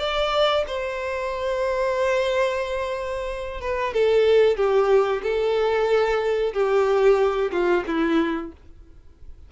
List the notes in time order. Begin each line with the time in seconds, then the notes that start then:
0.00 D5
0.68 C5
3.61 B4
3.94 A4
4.57 G4
5.23 A4
6.54 G4
7.52 F4
7.87 E4